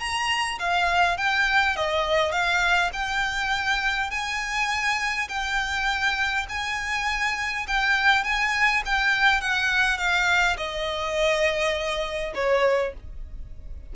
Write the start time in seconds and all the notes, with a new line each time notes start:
0.00 A#5
0.59 F5
1.18 G5
1.77 D#5
2.32 F5
2.94 G5
4.11 G#5
5.29 G5
6.49 G#5
7.68 G5
8.24 G#5
8.86 G5
9.41 F#5
9.98 F5
10.57 D#5
12.35 C#5